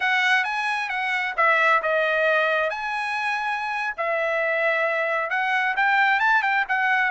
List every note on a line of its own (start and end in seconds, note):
0.00 0.44 F#5
0.44 0.89 G#5
0.89 1.34 F#5
1.36 1.81 E5
1.82 2.69 D#5
2.69 3.94 G#5
3.97 5.30 E5
5.30 5.75 F#5
5.76 6.19 G5
6.19 6.42 A5
6.42 6.64 G5
6.68 7.11 F#5